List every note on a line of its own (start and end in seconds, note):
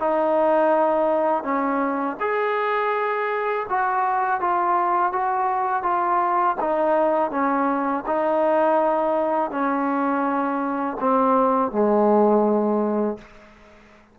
0.00 1.44 D#4
1.44 2.17 C#4
2.20 3.67 G#4
3.70 4.41 F#4
4.41 5.13 F4
5.13 5.83 F#4
5.83 6.56 F4
6.61 7.31 D#4
7.31 8.04 C#4
8.07 9.51 D#4
9.51 10.98 C#4
11.00 11.72 C4
11.72 13.18 G#3